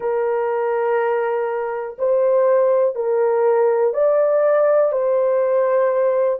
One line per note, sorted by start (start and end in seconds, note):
0.00 1.97 A#4
1.98 2.95 C5
2.95 3.93 A#4
3.93 4.92 D5
4.92 6.39 C5